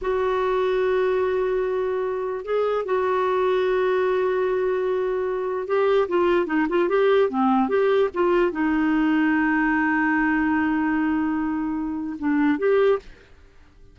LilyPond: \new Staff \with { instrumentName = "clarinet" } { \time 4/4 \tempo 4 = 148 fis'1~ | fis'2 gis'4 fis'4~ | fis'1~ | fis'2 g'4 f'4 |
dis'8 f'8 g'4 c'4 g'4 | f'4 dis'2.~ | dis'1~ | dis'2 d'4 g'4 | }